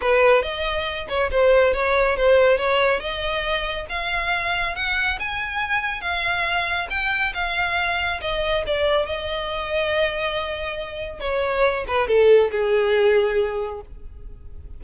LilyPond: \new Staff \with { instrumentName = "violin" } { \time 4/4 \tempo 4 = 139 b'4 dis''4. cis''8 c''4 | cis''4 c''4 cis''4 dis''4~ | dis''4 f''2 fis''4 | gis''2 f''2 |
g''4 f''2 dis''4 | d''4 dis''2.~ | dis''2 cis''4. b'8 | a'4 gis'2. | }